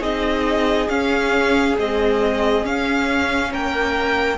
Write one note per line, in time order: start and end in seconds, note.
0.00 0.89 C4
0.00 0.88 D#4
0.00 3.48 G#4
0.00 0.89 D#5
0.89 1.76 C#4
0.89 1.76 F5
1.78 2.63 G#3
1.78 2.66 C4
1.78 2.66 D#5
2.63 4.37 C#4
2.63 3.53 C#4
2.63 3.53 F5
3.52 4.38 A#3
3.52 4.38 A#4
3.52 4.38 G5